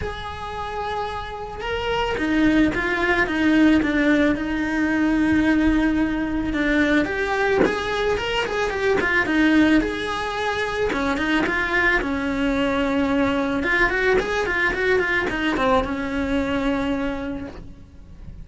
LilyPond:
\new Staff \with { instrumentName = "cello" } { \time 4/4 \tempo 4 = 110 gis'2. ais'4 | dis'4 f'4 dis'4 d'4 | dis'1 | d'4 g'4 gis'4 ais'8 gis'8 |
g'8 f'8 dis'4 gis'2 | cis'8 dis'8 f'4 cis'2~ | cis'4 f'8 fis'8 gis'8 f'8 fis'8 f'8 | dis'8 c'8 cis'2. | }